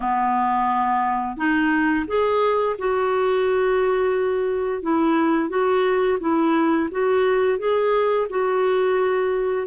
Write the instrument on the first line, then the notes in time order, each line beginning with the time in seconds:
clarinet
0.00 B3
1.36 D#4
2.07 G#4
2.78 F#4
4.82 E4
5.49 F#4
6.20 E4
6.91 F#4
7.58 G#4
8.29 F#4